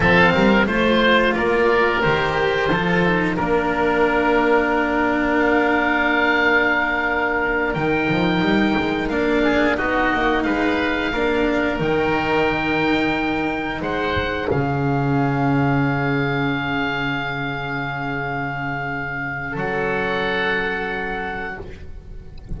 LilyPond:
<<
  \new Staff \with { instrumentName = "oboe" } { \time 4/4 \tempo 4 = 89 f''4 c''4 d''4 c''4~ | c''4 ais'2. | f''2.~ f''8 g''8~ | g''4. f''4 dis''4 f''8~ |
f''4. g''2~ g''8~ | g''8 fis''4 f''2~ f''8~ | f''1~ | f''4 fis''2. | }
  \new Staff \with { instrumentName = "oboe" } { \time 4/4 a'8 ais'8 c''4 ais'2 | a'4 ais'2.~ | ais'1~ | ais'2 gis'8 fis'4 b'8~ |
b'8 ais'2.~ ais'8~ | ais'8 c''4 gis'2~ gis'8~ | gis'1~ | gis'4 a'2. | }
  \new Staff \with { instrumentName = "cello" } { \time 4/4 c'4 f'2 g'4 | f'8 dis'8 d'2.~ | d'2.~ d'8 dis'8~ | dis'4. d'4 dis'4.~ |
dis'8 d'4 dis'2~ dis'8~ | dis'4. cis'2~ cis'8~ | cis'1~ | cis'1 | }
  \new Staff \with { instrumentName = "double bass" } { \time 4/4 f8 g8 a4 ais4 dis4 | f4 ais2.~ | ais2.~ ais8 dis8 | f8 g8 gis8 ais4 b8 ais8 gis8~ |
gis8 ais4 dis2~ dis8~ | dis8 gis4 cis2~ cis8~ | cis1~ | cis4 fis2. | }
>>